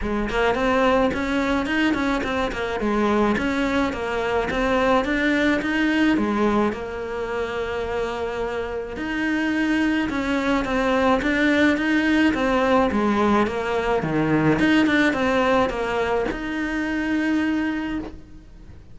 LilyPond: \new Staff \with { instrumentName = "cello" } { \time 4/4 \tempo 4 = 107 gis8 ais8 c'4 cis'4 dis'8 cis'8 | c'8 ais8 gis4 cis'4 ais4 | c'4 d'4 dis'4 gis4 | ais1 |
dis'2 cis'4 c'4 | d'4 dis'4 c'4 gis4 | ais4 dis4 dis'8 d'8 c'4 | ais4 dis'2. | }